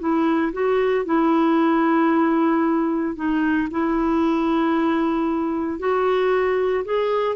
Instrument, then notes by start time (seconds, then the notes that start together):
clarinet
0.00 E4
0.53 F#4
1.06 E4
3.16 D#4
3.71 E4
5.79 F#4
6.85 G#4